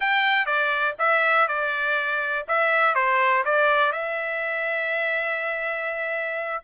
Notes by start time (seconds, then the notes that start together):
0.00 G5
0.46 D5
0.99 E5
1.48 D5
2.47 E5
2.95 C5
3.44 D5
3.92 E5